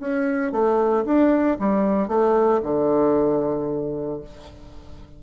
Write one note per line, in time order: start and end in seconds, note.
0.00 0.52 C#4
0.52 1.05 A3
1.06 1.58 D4
1.60 2.08 G3
2.08 2.61 A3
2.63 4.21 D3